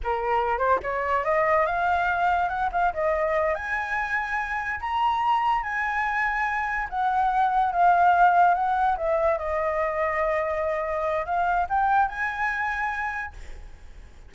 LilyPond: \new Staff \with { instrumentName = "flute" } { \time 4/4 \tempo 4 = 144 ais'4. c''8 cis''4 dis''4 | f''2 fis''8 f''8 dis''4~ | dis''8 gis''2. ais''8~ | ais''4. gis''2~ gis''8~ |
gis''8 fis''2 f''4.~ | f''8 fis''4 e''4 dis''4.~ | dis''2. f''4 | g''4 gis''2. | }